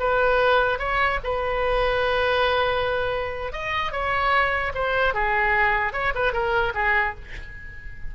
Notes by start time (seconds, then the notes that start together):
0.00 B4
0.79 C#5
1.24 B4
3.53 D#5
3.92 C#5
4.75 C5
5.15 G#4
5.93 C#5
6.15 B4
6.33 A#4
6.75 G#4